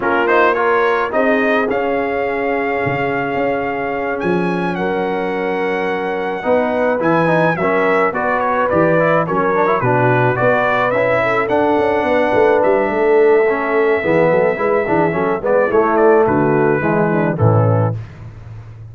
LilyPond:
<<
  \new Staff \with { instrumentName = "trumpet" } { \time 4/4 \tempo 4 = 107 ais'8 c''8 cis''4 dis''4 f''4~ | f''2.~ f''8 gis''8~ | gis''8 fis''2.~ fis''8~ | fis''8 gis''4 e''4 d''8 cis''8 d''8~ |
d''8 cis''4 b'4 d''4 e''8~ | e''8 fis''2 e''4.~ | e''2.~ e''8 d''8 | cis''8 d''8 b'2 a'4 | }
  \new Staff \with { instrumentName = "horn" } { \time 4/4 f'4 ais'4 gis'2~ | gis'1~ | gis'8 ais'2. b'8~ | b'4. ais'4 b'4.~ |
b'8 ais'4 fis'4 b'4. | a'4. b'4. a'4~ | a'4 gis'8 a'8 b'8 gis'8 a'8 b'8 | e'4 fis'4 e'8 d'8 cis'4 | }
  \new Staff \with { instrumentName = "trombone" } { \time 4/4 cis'8 dis'8 f'4 dis'4 cis'4~ | cis'1~ | cis'2.~ cis'8 dis'8~ | dis'8 e'8 dis'8 cis'4 fis'4 g'8 |
e'8 cis'8 d'16 e'16 d'4 fis'4 e'8~ | e'8 d'2.~ d'8 | cis'4 b4 e'8 d'8 cis'8 b8 | a2 gis4 e4 | }
  \new Staff \with { instrumentName = "tuba" } { \time 4/4 ais2 c'4 cis'4~ | cis'4 cis4 cis'4. f8~ | f8 fis2. b8~ | b8 e4 fis4 b4 e8~ |
e8 fis4 b,4 b4 cis'8~ | cis'8 d'8 cis'8 b8 a8 g8 a4~ | a4 e8 fis8 gis8 e8 fis8 gis8 | a4 d4 e4 a,4 | }
>>